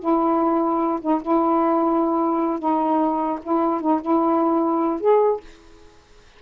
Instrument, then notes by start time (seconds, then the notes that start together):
saxophone
0.00 E4
1.02 D#4
1.22 E4
2.60 D#4
3.43 E4
3.81 D#4
4.02 E4
5.01 G#4